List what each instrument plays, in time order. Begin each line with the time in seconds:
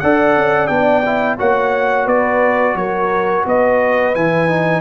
0.00 tuba D4, trombone A4, horn D5, trumpet F#5
0.36 tuba C#4
0.67 tuba B3, trombone D4, trumpet G5
1.05 trombone E4
1.38 tuba A#3, trombone F#4, horn C#5, trumpet F#5
2.05 tuba B3, horn B4, trumpet D5
2.75 tuba F#3, horn A#4, trumpet C#5
3.46 tuba B3, horn B4, trumpet D#5
4.14 tuba E3, trombone E4, trumpet G#5
4.49 trombone D#4